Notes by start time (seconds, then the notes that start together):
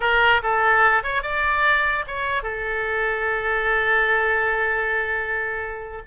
0.00 A#4
0.42 A4
1.03 C#5
1.22 D5
2.07 C#5
2.42 A4